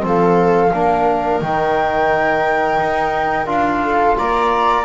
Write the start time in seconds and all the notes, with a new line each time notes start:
0.00 F3 C4 A4
0.07 F5
0.74 A#3 D4 A#4
1.41 D#3 D#4 G5
2.80 D#4
3.47 D4 F4 F5
3.84 A4
4.19 A#3 D5 A#5